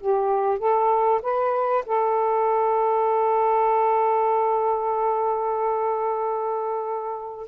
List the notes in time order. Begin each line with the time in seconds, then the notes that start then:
0.00 G4
0.58 A4
1.22 B4
1.86 A4